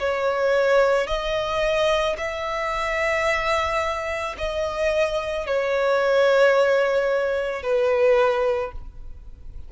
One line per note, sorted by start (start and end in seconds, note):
0.00 1.08 C#5
1.08 2.17 D#5
2.18 4.36 E5
4.38 5.47 D#5
5.47 7.63 C#5
7.63 8.72 B4